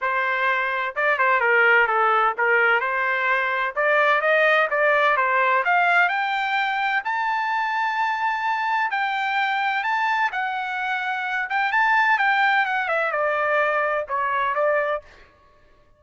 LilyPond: \new Staff \with { instrumentName = "trumpet" } { \time 4/4 \tempo 4 = 128 c''2 d''8 c''8 ais'4 | a'4 ais'4 c''2 | d''4 dis''4 d''4 c''4 | f''4 g''2 a''4~ |
a''2. g''4~ | g''4 a''4 fis''2~ | fis''8 g''8 a''4 g''4 fis''8 e''8 | d''2 cis''4 d''4 | }